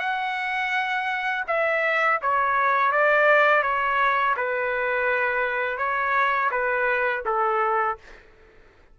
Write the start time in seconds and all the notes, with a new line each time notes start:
0.00 F#5
1.48 E5
2.22 C#5
2.92 D5
3.63 C#5
4.37 B4
5.78 C#5
6.51 B4
7.26 A4